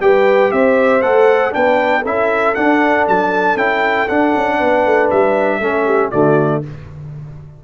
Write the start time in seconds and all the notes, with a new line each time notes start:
0.00 G3 G4 B4 G5
0.51 C4 C5 E5
1.02 A3 A4 F#5
1.52 B3 D4 B4 G5
2.02 C#4 E4 A4 E5
2.55 D4 F#5
3.08 F#3 A5
3.56 C#4 E4 G5
4.08 D4 F#5
4.36 C#4
4.59 B3 B4
4.86 A3
5.10 G3 E5
5.60 A3 C#4 A4
5.85 G4
6.11 D3 A3 F#4 D5